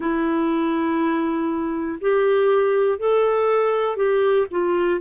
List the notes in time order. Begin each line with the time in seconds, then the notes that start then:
0.00 E4
2.00 G4
2.98 A4
3.96 G4
4.50 F4